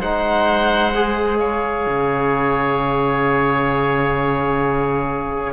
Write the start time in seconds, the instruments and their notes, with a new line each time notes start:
0.00 cello G#3, trombone D#4, oboe C5, violin F#5
0.95 trombone G#4
1.38 oboe C#5, violin F5
1.87 cello C#3